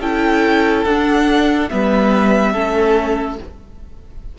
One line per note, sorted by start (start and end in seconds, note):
0.00 0.85 C#4
0.00 0.86 E4
0.00 1.69 A4
0.00 0.85 G5
0.85 1.70 D4
0.85 1.69 F#5
1.69 2.54 G3
1.69 2.54 B3
1.69 2.52 B4
1.69 3.38 E5
2.52 3.39 A3
2.52 3.38 C#4
2.52 3.37 A4